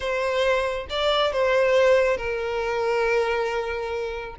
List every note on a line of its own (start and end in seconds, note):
0.00 0.86 C5
0.89 1.32 D5
1.32 2.17 C5
2.17 4.36 A#4